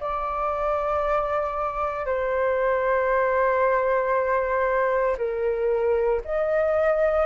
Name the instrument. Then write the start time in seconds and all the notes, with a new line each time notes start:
flute
0.00 D5
2.05 C5
5.17 A#4
6.24 D#5